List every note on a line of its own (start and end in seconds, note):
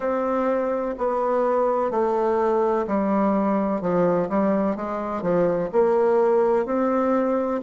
0.00 0.95 C4
0.97 1.90 B3
1.90 2.86 A3
2.87 3.81 G3
3.81 4.29 F3
4.29 4.76 G3
4.76 5.22 G#3
5.22 5.69 F3
5.72 6.65 A#3
6.65 7.60 C4